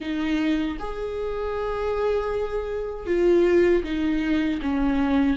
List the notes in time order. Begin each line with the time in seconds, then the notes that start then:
0.00 D#4
0.79 G#4
3.06 F4
3.83 D#4
4.62 C#4